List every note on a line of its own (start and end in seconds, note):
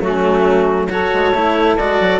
0.00 1.10 F#3
0.00 0.88 A3
0.00 0.91 C#4
0.00 0.89 F#4
0.89 1.33 F#4
0.89 2.20 A4
0.89 1.76 C#5
1.14 1.33 G#3
1.33 1.77 A3
1.33 1.78 E4
1.77 2.00 G#3
1.77 2.20 F#4
1.77 2.20 D5
2.00 2.20 F#3